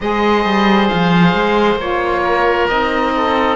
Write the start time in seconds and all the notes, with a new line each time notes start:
0.00 G#3 G#4 C5 D#5
0.44 G3
0.88 F3 F5
1.34 G#3
1.75 A#3 F4 C#5
2.21 A#4
2.68 C4 D#4 D#5
3.16 A4